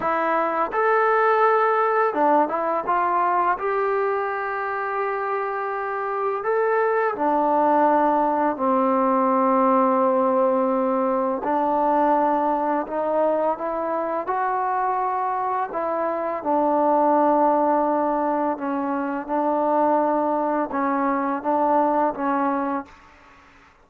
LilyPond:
\new Staff \with { instrumentName = "trombone" } { \time 4/4 \tempo 4 = 84 e'4 a'2 d'8 e'8 | f'4 g'2.~ | g'4 a'4 d'2 | c'1 |
d'2 dis'4 e'4 | fis'2 e'4 d'4~ | d'2 cis'4 d'4~ | d'4 cis'4 d'4 cis'4 | }